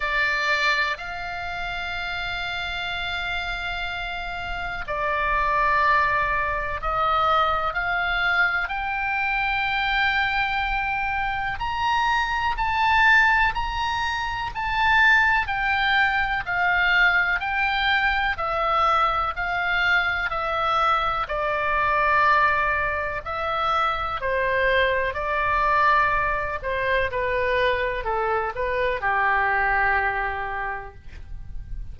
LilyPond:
\new Staff \with { instrumentName = "oboe" } { \time 4/4 \tempo 4 = 62 d''4 f''2.~ | f''4 d''2 dis''4 | f''4 g''2. | ais''4 a''4 ais''4 a''4 |
g''4 f''4 g''4 e''4 | f''4 e''4 d''2 | e''4 c''4 d''4. c''8 | b'4 a'8 b'8 g'2 | }